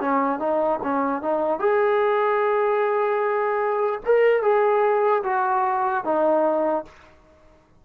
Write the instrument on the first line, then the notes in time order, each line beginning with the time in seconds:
trombone
0.00 C#4
0.39 D#4
0.83 C#4
1.22 D#4
1.59 G#4
4.05 A#4
4.42 G#4
5.23 F#4
6.04 D#4